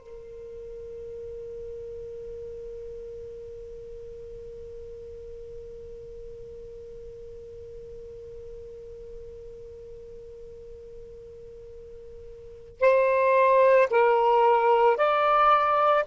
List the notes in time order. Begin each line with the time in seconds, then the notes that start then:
0.00 A#4
12.80 C5
13.90 A#4
14.97 D5